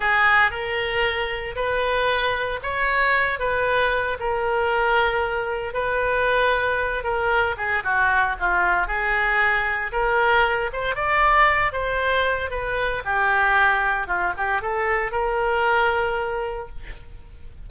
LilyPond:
\new Staff \with { instrumentName = "oboe" } { \time 4/4 \tempo 4 = 115 gis'4 ais'2 b'4~ | b'4 cis''4. b'4. | ais'2. b'4~ | b'4. ais'4 gis'8 fis'4 |
f'4 gis'2 ais'4~ | ais'8 c''8 d''4. c''4. | b'4 g'2 f'8 g'8 | a'4 ais'2. | }